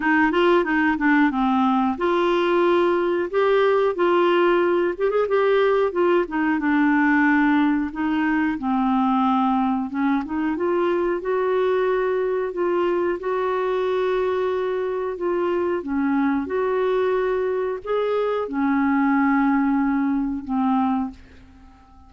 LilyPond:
\new Staff \with { instrumentName = "clarinet" } { \time 4/4 \tempo 4 = 91 dis'8 f'8 dis'8 d'8 c'4 f'4~ | f'4 g'4 f'4. g'16 gis'16 | g'4 f'8 dis'8 d'2 | dis'4 c'2 cis'8 dis'8 |
f'4 fis'2 f'4 | fis'2. f'4 | cis'4 fis'2 gis'4 | cis'2. c'4 | }